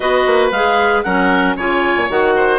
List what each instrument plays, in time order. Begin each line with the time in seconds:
0.00 bassoon B3, clarinet F#4 D#5, oboe B4
0.26 bassoon A#3
0.51 bassoon G#3, clarinet G#4 F5
1.02 bassoon F#3, clarinet C#4 F#5, oboe A#4
1.56 bassoon C#3, clarinet F4 G#5, oboe C#5
1.96 bassoon A#2
2.08 bassoon D#3, clarinet F#4 F#5
2.36 oboe C5